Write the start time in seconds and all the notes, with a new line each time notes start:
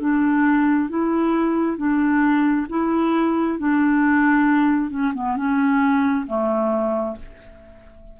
0.00 D4
0.89 E4
1.77 D4
2.69 E4
3.59 D4
4.91 C#4
5.15 B3
5.36 C#4
6.27 A3